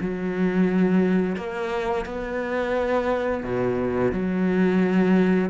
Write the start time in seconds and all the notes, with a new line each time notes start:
0.00 F#3
1.36 A#3
2.05 B3
3.44 B2
4.12 F#3